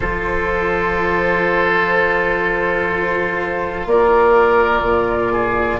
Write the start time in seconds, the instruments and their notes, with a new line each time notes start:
0.00 bassoon F3, cello F4, oboe A4, flute C5
3.86 bassoon A#3, oboe A#4, flute D5
4.81 bassoon A#2
5.32 oboe G#4